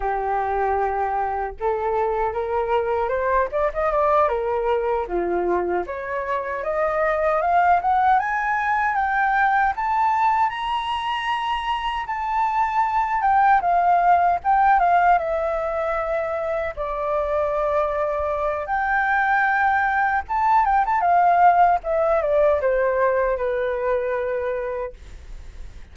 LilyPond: \new Staff \with { instrumentName = "flute" } { \time 4/4 \tempo 4 = 77 g'2 a'4 ais'4 | c''8 d''16 dis''16 d''8 ais'4 f'4 cis''8~ | cis''8 dis''4 f''8 fis''8 gis''4 g''8~ | g''8 a''4 ais''2 a''8~ |
a''4 g''8 f''4 g''8 f''8 e''8~ | e''4. d''2~ d''8 | g''2 a''8 g''16 a''16 f''4 | e''8 d''8 c''4 b'2 | }